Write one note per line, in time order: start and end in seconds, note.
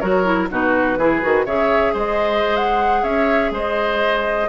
0.00 0.50 F#3
0.00 0.24 F#4
0.00 0.49 A#4
0.00 0.48 C#5
0.24 0.48 E4
0.50 0.97 B2
0.50 0.99 D#4
0.50 0.99 F#4
0.50 1.46 B4
0.97 1.21 E3
0.97 1.22 E4
0.97 1.46 G#4
1.22 1.46 D#3
1.22 1.46 F#4
1.46 1.94 C#3
1.46 4.49 G#4
1.46 1.93 C#5
1.46 1.95 E5
1.93 3.03 G#3
1.93 3.02 C5
1.93 2.57 D#5
2.57 3.04 F#5
3.02 3.51 C#4
3.02 3.51 C#5
3.02 3.52 E5
3.51 4.48 G#3
3.51 4.49 C5
3.51 4.49 D#5